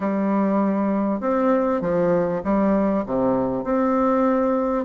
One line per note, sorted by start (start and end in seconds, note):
0.00 1.20 G3
1.20 1.81 C4
1.81 2.41 F3
2.44 3.04 G3
3.06 3.64 C3
3.64 4.84 C4